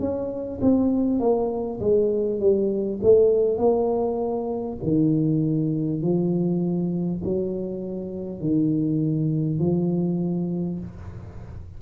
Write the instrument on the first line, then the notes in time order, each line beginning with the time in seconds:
tuba
0.00 C#4
0.61 C4
1.20 A#3
1.80 G#3
2.41 G3
3.03 A3
3.58 A#3
4.83 D#3
6.02 F3
7.24 F#3
8.41 D#3
9.59 F3